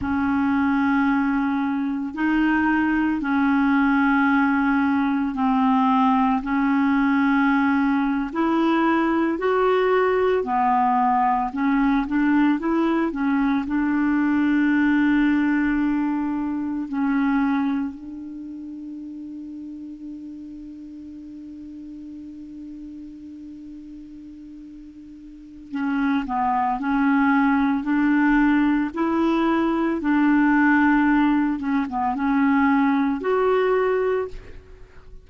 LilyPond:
\new Staff \with { instrumentName = "clarinet" } { \time 4/4 \tempo 4 = 56 cis'2 dis'4 cis'4~ | cis'4 c'4 cis'4.~ cis'16 e'16~ | e'8. fis'4 b4 cis'8 d'8 e'16~ | e'16 cis'8 d'2. cis'16~ |
cis'8. d'2.~ d'16~ | d'1 | cis'8 b8 cis'4 d'4 e'4 | d'4. cis'16 b16 cis'4 fis'4 | }